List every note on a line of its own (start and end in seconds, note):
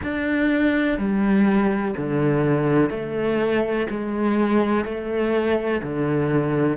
0.02 0.98 D4
0.98 1.94 G3
1.97 2.89 D3
2.89 3.86 A3
3.89 4.84 G#3
4.84 5.81 A3
5.82 6.76 D3